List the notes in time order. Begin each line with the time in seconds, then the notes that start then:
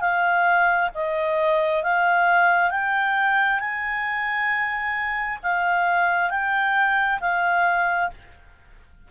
0.00 F5
0.94 D#5
1.83 F5
2.70 G5
3.59 G#5
5.43 F5
6.30 G5
7.20 F5